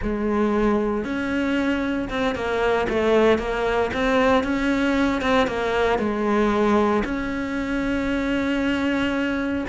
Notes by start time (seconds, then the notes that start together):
0.02 G#3
1.04 C#4
2.09 C4
2.35 A#3
2.89 A3
3.38 A#3
3.93 C4
4.43 C#4
5.21 C4
5.47 A#3
5.98 G#3
7.04 C#4